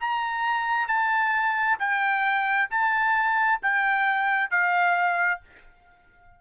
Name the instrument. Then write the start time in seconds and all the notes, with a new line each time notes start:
trumpet
0.00 A#5
0.88 A5
1.79 G5
2.70 A5
3.62 G5
4.51 F5